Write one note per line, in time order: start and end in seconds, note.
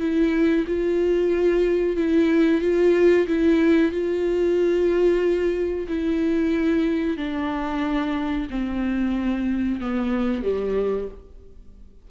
0.00 0.65 E4
0.67 1.96 F4
1.96 2.61 E4
2.61 3.27 F4
3.27 3.91 E4
3.91 5.87 F4
5.88 7.17 E4
7.17 8.48 D4
8.50 9.80 C4
9.80 10.43 B3
10.43 11.08 G3